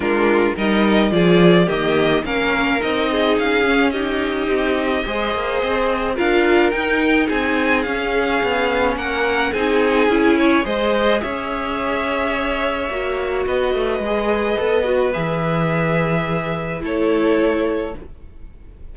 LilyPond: <<
  \new Staff \with { instrumentName = "violin" } { \time 4/4 \tempo 4 = 107 ais'4 dis''4 d''4 dis''4 | f''4 dis''4 f''4 dis''4~ | dis''2. f''4 | g''4 gis''4 f''2 |
fis''4 gis''2 dis''4 | e''1 | dis''2. e''4~ | e''2 cis''2 | }
  \new Staff \with { instrumentName = "violin" } { \time 4/4 f'4 ais'4 gis'4 g'4 | ais'4. gis'4. g'4~ | g'4 c''2 ais'4~ | ais'4 gis'2. |
ais'4 gis'4. cis''8 c''4 | cis''1 | b'1~ | b'2 a'2 | }
  \new Staff \with { instrumentName = "viola" } { \time 4/4 d'4 dis'4 f'4 ais4 | cis'4 dis'4. cis'8 dis'4~ | dis'4 gis'2 f'4 | dis'2 cis'2~ |
cis'4 dis'4 e'4 gis'4~ | gis'2. fis'4~ | fis'4 gis'4 a'8 fis'8 gis'4~ | gis'2 e'2 | }
  \new Staff \with { instrumentName = "cello" } { \time 4/4 gis4 g4 f4 dis4 | ais4 c'4 cis'2 | c'4 gis8 ais8 c'4 d'4 | dis'4 c'4 cis'4 b4 |
ais4 c'4 cis'4 gis4 | cis'2. ais4 | b8 a8 gis4 b4 e4~ | e2 a2 | }
>>